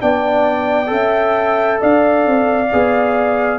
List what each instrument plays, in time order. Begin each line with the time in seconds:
0.00 tuba B3, trombone D4, horn D5, trumpet G5
0.87 tuba C#4, trombone A4
0.93 horn E5
1.81 tuba D4, horn D5, trumpet F5
2.27 tuba C4
2.73 tuba B3, trombone G#4